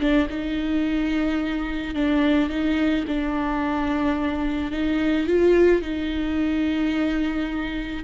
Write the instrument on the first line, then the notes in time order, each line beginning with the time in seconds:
viola
0.00 D4
0.29 D#4
1.94 D4
2.49 D#4
3.07 D4
4.71 D#4
5.27 F4
5.82 D#4